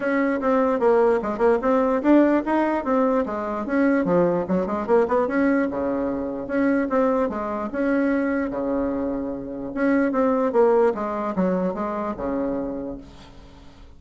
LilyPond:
\new Staff \with { instrumentName = "bassoon" } { \time 4/4 \tempo 4 = 148 cis'4 c'4 ais4 gis8 ais8 | c'4 d'4 dis'4 c'4 | gis4 cis'4 f4 fis8 gis8 | ais8 b8 cis'4 cis2 |
cis'4 c'4 gis4 cis'4~ | cis'4 cis2. | cis'4 c'4 ais4 gis4 | fis4 gis4 cis2 | }